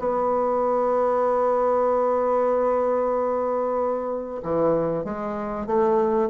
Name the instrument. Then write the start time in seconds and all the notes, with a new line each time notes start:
bassoon
0.00 B3
4.44 E3
5.05 G#3
5.67 A3